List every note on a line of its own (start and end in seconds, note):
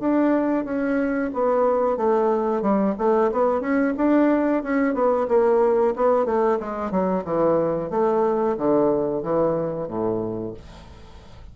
0.00 0.65 D4
0.65 1.31 C#4
1.34 1.97 B3
1.97 2.62 A3
2.62 2.95 G3
2.99 3.31 A3
3.32 3.61 B3
3.61 3.94 C#4
3.97 4.63 D4
4.63 4.95 C#4
4.95 5.27 B3
5.29 5.95 A#3
5.96 6.25 B3
6.25 6.58 A3
6.60 6.91 G#3
6.91 7.24 F#3
7.25 7.91 E3
7.91 8.57 A3
8.58 9.23 D3
9.23 9.88 E3
9.88 10.54 A2